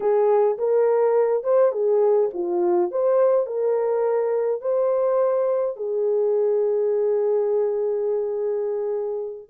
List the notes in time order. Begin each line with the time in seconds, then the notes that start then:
0.00 G#4
0.57 A#4
1.43 C5
1.72 G#4
2.33 F4
2.91 C5
3.46 A#4
4.61 C5
5.76 G#4